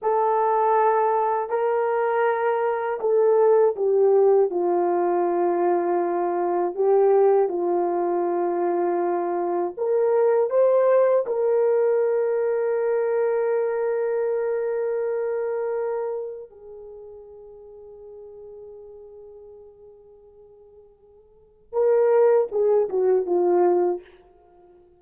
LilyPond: \new Staff \with { instrumentName = "horn" } { \time 4/4 \tempo 4 = 80 a'2 ais'2 | a'4 g'4 f'2~ | f'4 g'4 f'2~ | f'4 ais'4 c''4 ais'4~ |
ais'1~ | ais'2 gis'2~ | gis'1~ | gis'4 ais'4 gis'8 fis'8 f'4 | }